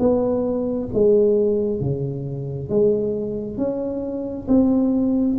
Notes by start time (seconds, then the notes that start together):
0.00 B3
0.94 G#3
1.81 C#3
2.69 G#3
3.58 C#4
4.48 C4